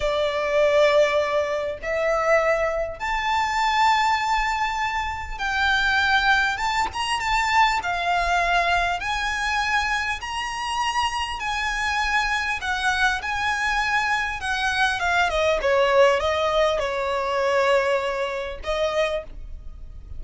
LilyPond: \new Staff \with { instrumentName = "violin" } { \time 4/4 \tempo 4 = 100 d''2. e''4~ | e''4 a''2.~ | a''4 g''2 a''8 ais''8 | a''4 f''2 gis''4~ |
gis''4 ais''2 gis''4~ | gis''4 fis''4 gis''2 | fis''4 f''8 dis''8 cis''4 dis''4 | cis''2. dis''4 | }